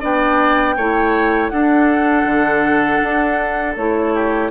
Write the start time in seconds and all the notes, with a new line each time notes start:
0.00 B3 D4 D5 G5
0.77 A3 E4 C#5
1.49 D4 A4 F#5
2.25 D3
3.03 D4
3.75 A3 E4 C#5
4.14 G4